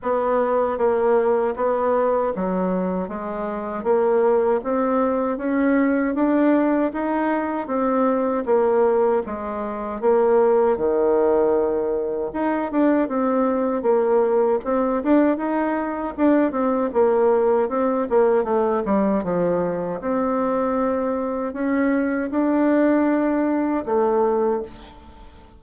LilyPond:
\new Staff \with { instrumentName = "bassoon" } { \time 4/4 \tempo 4 = 78 b4 ais4 b4 fis4 | gis4 ais4 c'4 cis'4 | d'4 dis'4 c'4 ais4 | gis4 ais4 dis2 |
dis'8 d'8 c'4 ais4 c'8 d'8 | dis'4 d'8 c'8 ais4 c'8 ais8 | a8 g8 f4 c'2 | cis'4 d'2 a4 | }